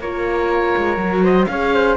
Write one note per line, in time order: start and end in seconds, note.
0.00 0.74 A#3
0.00 0.99 F4
0.00 1.23 A#4
0.00 1.25 C#5
0.77 0.97 G#3
0.97 1.46 F#3
0.97 1.49 F#4
1.23 1.48 C5
1.23 1.46 D#5
1.46 1.97 C#4
1.46 1.74 C#5
1.46 1.95 F5
1.52 1.97 G#4
1.74 1.97 C5